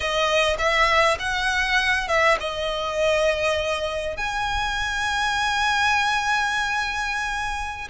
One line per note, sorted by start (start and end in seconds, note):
0.00 0.56 D#5
0.58 1.17 E5
1.19 2.08 F#5
2.08 2.37 E5
2.40 4.16 D#5
4.16 7.88 G#5